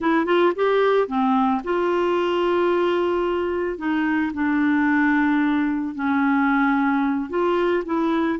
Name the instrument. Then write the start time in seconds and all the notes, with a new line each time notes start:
clarinet
0.00 E4
0.25 F4
0.55 G4
1.07 C4
1.64 F4
3.77 D#4
4.33 D4
5.95 C#4
7.29 F4
7.85 E4